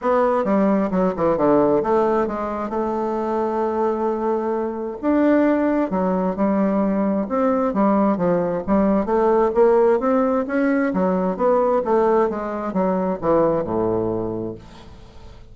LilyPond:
\new Staff \with { instrumentName = "bassoon" } { \time 4/4 \tempo 4 = 132 b4 g4 fis8 e8 d4 | a4 gis4 a2~ | a2. d'4~ | d'4 fis4 g2 |
c'4 g4 f4 g4 | a4 ais4 c'4 cis'4 | fis4 b4 a4 gis4 | fis4 e4 a,2 | }